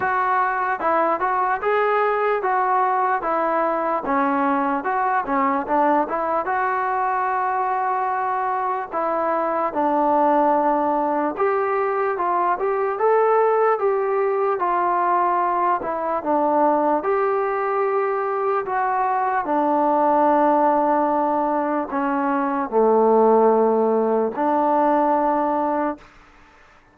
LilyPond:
\new Staff \with { instrumentName = "trombone" } { \time 4/4 \tempo 4 = 74 fis'4 e'8 fis'8 gis'4 fis'4 | e'4 cis'4 fis'8 cis'8 d'8 e'8 | fis'2. e'4 | d'2 g'4 f'8 g'8 |
a'4 g'4 f'4. e'8 | d'4 g'2 fis'4 | d'2. cis'4 | a2 d'2 | }